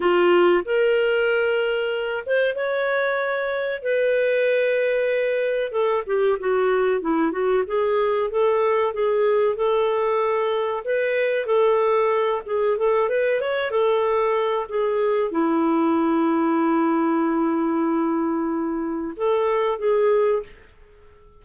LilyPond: \new Staff \with { instrumentName = "clarinet" } { \time 4/4 \tempo 4 = 94 f'4 ais'2~ ais'8 c''8 | cis''2 b'2~ | b'4 a'8 g'8 fis'4 e'8 fis'8 | gis'4 a'4 gis'4 a'4~ |
a'4 b'4 a'4. gis'8 | a'8 b'8 cis''8 a'4. gis'4 | e'1~ | e'2 a'4 gis'4 | }